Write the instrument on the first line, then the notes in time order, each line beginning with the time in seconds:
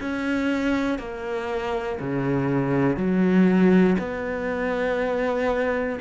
cello
0.00 C#4
0.99 A#3
1.99 C#3
2.96 F#3
3.99 B3